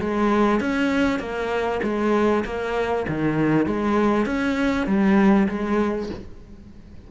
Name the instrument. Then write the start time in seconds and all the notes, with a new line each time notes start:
cello
0.00 G#3
0.60 C#4
1.19 A#3
1.83 G#3
2.45 A#3
3.08 D#3
3.66 G#3
4.26 C#4
4.87 G3
5.49 G#3